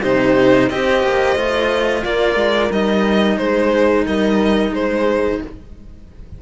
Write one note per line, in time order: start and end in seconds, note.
0.00 0.69 C3
0.00 0.70 D#4
0.00 0.67 G4
0.00 0.69 C5
0.69 1.03 C4
0.69 1.36 G4
0.69 2.04 C5
0.69 2.04 D#5
1.03 1.36 A#3
1.36 2.03 A3
1.36 2.70 F4
2.04 2.35 A#3
2.04 3.39 A#4
2.04 2.71 D5
2.35 2.69 G#3
2.70 3.38 G3
2.70 5.42 D#4
2.70 3.37 D#5
3.37 4.06 G#3
3.37 4.05 G#4
3.37 4.04 C5
4.05 4.71 G3
4.05 4.73 A#4
4.05 4.74 D#5
4.71 5.38 G#3
4.71 5.41 G#4
4.71 5.41 C5